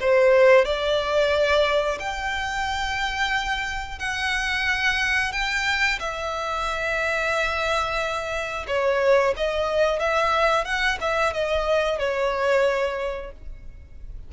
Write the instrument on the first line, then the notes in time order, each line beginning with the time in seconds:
violin
0.00 C5
0.65 D5
1.99 G5
3.99 F#5
5.32 G5
5.99 E5
8.68 C#5
9.36 D#5
9.99 E5
10.65 F#5
11.01 E5
11.33 D#5
11.98 C#5